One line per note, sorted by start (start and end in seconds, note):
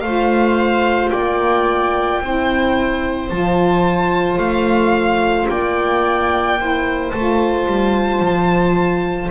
0.00 1.11 A3
0.00 2.22 F4
0.00 1.11 C5
0.00 1.09 F5
1.10 2.20 A#3
1.10 2.20 D5
1.10 3.28 G5
2.20 3.30 C4
2.20 3.29 E4
2.20 5.49 C5
3.29 4.37 F3
3.29 6.56 F4
3.29 4.38 A5
4.37 5.47 A3
4.37 5.47 F5
5.48 7.12 A#3
5.48 6.58 D5
5.48 7.10 G5
6.57 7.12 E4
6.57 9.30 C5
7.10 7.66 A3
7.10 9.30 F4
7.10 9.29 A5
7.66 8.20 G3
8.20 9.29 F3